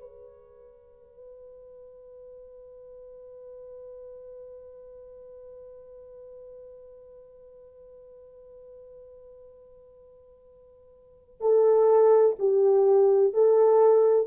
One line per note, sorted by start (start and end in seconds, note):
0.00 11.40 B4
11.40 12.35 A4
12.39 13.33 G4
13.33 14.27 A4